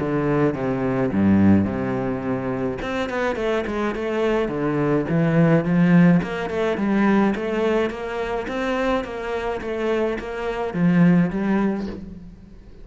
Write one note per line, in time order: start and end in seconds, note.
0.00 0.55 D3
0.55 1.11 C3
1.12 1.65 G2
1.65 2.79 C3
2.82 3.10 C4
3.10 3.36 B3
3.36 3.65 A3
3.67 3.95 G#3
3.95 4.49 A3
4.49 5.06 D3
5.09 5.65 E3
5.65 6.21 F3
6.23 6.50 A#3
6.50 6.78 A3
6.78 7.34 G3
7.36 7.90 A3
7.90 8.47 A#3
8.48 9.05 C4
9.05 9.61 A#3
9.62 10.19 A3
10.19 10.74 A#3
10.74 11.31 F3
11.31 11.87 G3